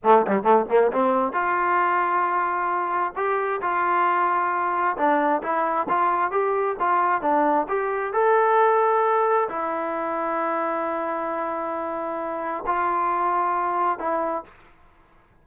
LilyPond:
\new Staff \with { instrumentName = "trombone" } { \time 4/4 \tempo 4 = 133 a8 g8 a8 ais8 c'4 f'4~ | f'2. g'4 | f'2. d'4 | e'4 f'4 g'4 f'4 |
d'4 g'4 a'2~ | a'4 e'2.~ | e'1 | f'2. e'4 | }